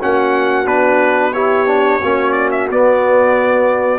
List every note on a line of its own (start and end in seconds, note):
0.00 0.65 A#3
0.00 0.65 C#4
0.00 1.33 F#4
0.00 0.67 F#5
0.65 1.99 B3
0.65 1.31 D4
0.65 1.33 B4
1.33 1.66 E4
1.33 1.99 G4
1.33 2.32 C#5
1.66 2.00 D4
1.99 2.69 A#3
1.99 2.70 C#4
1.99 3.99 F#4
2.32 2.49 D5
2.51 2.67 E5
2.69 3.99 B3
2.69 3.99 D5